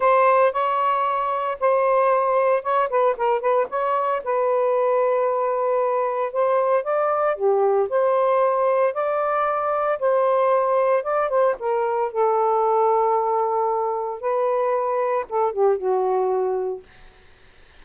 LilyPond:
\new Staff \with { instrumentName = "saxophone" } { \time 4/4 \tempo 4 = 114 c''4 cis''2 c''4~ | c''4 cis''8 b'8 ais'8 b'8 cis''4 | b'1 | c''4 d''4 g'4 c''4~ |
c''4 d''2 c''4~ | c''4 d''8 c''8 ais'4 a'4~ | a'2. b'4~ | b'4 a'8 g'8 fis'2 | }